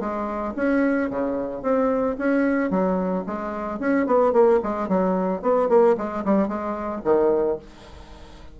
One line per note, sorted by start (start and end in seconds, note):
0.00 0.54 G#3
0.56 1.10 C#4
1.10 1.62 C#3
1.62 2.16 C4
2.18 2.70 C#4
2.70 3.24 F#3
3.26 3.79 G#3
3.79 4.06 C#4
4.06 4.33 B3
4.33 4.60 A#3
4.63 4.88 G#3
4.88 5.42 F#3
5.42 5.69 B3
5.69 5.96 A#3
5.97 6.24 G#3
6.25 6.48 G3
6.48 7.02 G#3
7.04 7.58 D#3